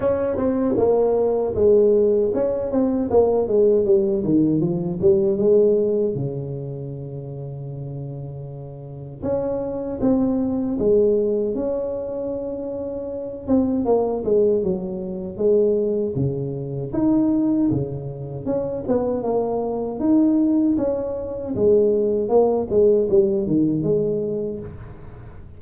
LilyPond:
\new Staff \with { instrumentName = "tuba" } { \time 4/4 \tempo 4 = 78 cis'8 c'8 ais4 gis4 cis'8 c'8 | ais8 gis8 g8 dis8 f8 g8 gis4 | cis1 | cis'4 c'4 gis4 cis'4~ |
cis'4. c'8 ais8 gis8 fis4 | gis4 cis4 dis'4 cis4 | cis'8 b8 ais4 dis'4 cis'4 | gis4 ais8 gis8 g8 dis8 gis4 | }